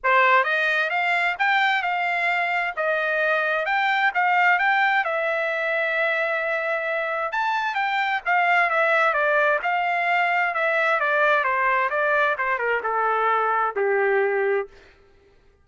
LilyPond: \new Staff \with { instrumentName = "trumpet" } { \time 4/4 \tempo 4 = 131 c''4 dis''4 f''4 g''4 | f''2 dis''2 | g''4 f''4 g''4 e''4~ | e''1 |
a''4 g''4 f''4 e''4 | d''4 f''2 e''4 | d''4 c''4 d''4 c''8 ais'8 | a'2 g'2 | }